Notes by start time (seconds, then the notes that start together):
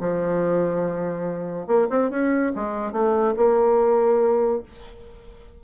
0.00 F3
1.66 A#3
1.90 C4
2.10 C#4
2.55 G#3
2.92 A3
3.36 A#3